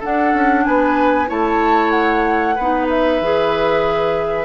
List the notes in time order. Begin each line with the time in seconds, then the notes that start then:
0.00 D4 A4 F#5
0.34 C#4
0.65 B3 B4 G#5
1.28 A3 E4 C#5 A5
1.91 F#5
2.56 B3 D#4 B4
2.90 E5
3.21 E3 G#4